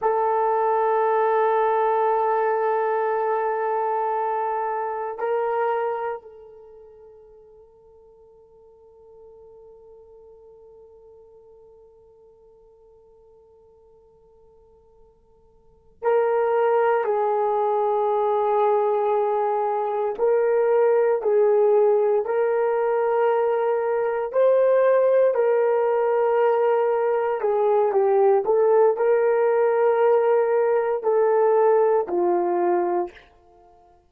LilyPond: \new Staff \with { instrumentName = "horn" } { \time 4/4 \tempo 4 = 58 a'1~ | a'4 ais'4 a'2~ | a'1~ | a'2.~ a'8 ais'8~ |
ais'8 gis'2. ais'8~ | ais'8 gis'4 ais'2 c''8~ | c''8 ais'2 gis'8 g'8 a'8 | ais'2 a'4 f'4 | }